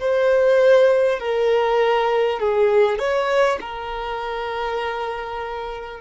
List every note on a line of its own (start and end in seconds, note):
0.00 1.19 C5
1.19 2.39 A#4
2.39 2.98 G#4
2.98 3.58 C#5
3.61 6.01 A#4